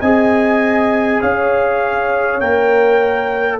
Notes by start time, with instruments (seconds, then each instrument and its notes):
0.00 tuba C4, trombone G#4, horn D#5, trumpet G#5
1.21 tuba C#4, horn C#5, trumpet F5
2.40 tuba A#3, trombone A#4, trumpet G5